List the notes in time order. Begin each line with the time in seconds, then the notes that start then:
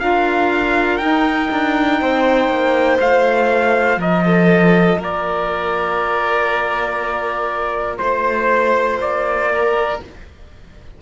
0.00 D4 F4 A#4 F5
0.97 D#4 G5
1.52 D4
2.01 C4 C5
2.49 A#3
3.00 A3 F4 F5
3.97 F3 A#4 D#5
4.25 A4
4.99 A#3 A#4 D5
7.99 A3 C5
9.00 A#3 D5
9.52 A#4